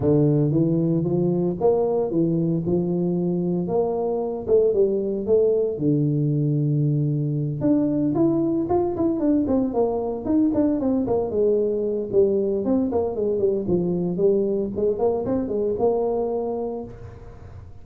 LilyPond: \new Staff \with { instrumentName = "tuba" } { \time 4/4 \tempo 4 = 114 d4 e4 f4 ais4 | e4 f2 ais4~ | ais8 a8 g4 a4 d4~ | d2~ d8 d'4 e'8~ |
e'8 f'8 e'8 d'8 c'8 ais4 dis'8 | d'8 c'8 ais8 gis4. g4 | c'8 ais8 gis8 g8 f4 g4 | gis8 ais8 c'8 gis8 ais2 | }